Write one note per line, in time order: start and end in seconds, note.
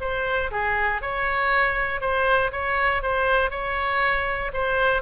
0.00 0.50 C5
0.51 1.01 G#4
1.02 2.00 C#5
2.00 2.51 C5
2.52 3.02 C#5
3.02 3.50 C5
3.50 4.51 C#5
4.53 5.02 C5